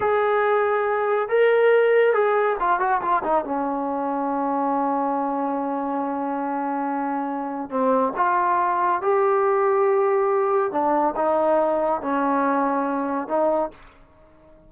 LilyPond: \new Staff \with { instrumentName = "trombone" } { \time 4/4 \tempo 4 = 140 gis'2. ais'4~ | ais'4 gis'4 f'8 fis'8 f'8 dis'8 | cis'1~ | cis'1~ |
cis'2 c'4 f'4~ | f'4 g'2.~ | g'4 d'4 dis'2 | cis'2. dis'4 | }